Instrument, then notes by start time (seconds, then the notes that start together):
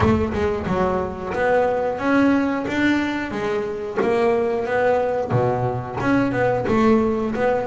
double bass
0.00 A3
0.33 G#3
0.66 F#3
1.33 B3
1.98 C#4
2.67 D4
3.31 G#3
4.01 A#3
4.65 B3
5.31 B2
6.00 C#4
6.32 B3
6.67 A3
7.35 B3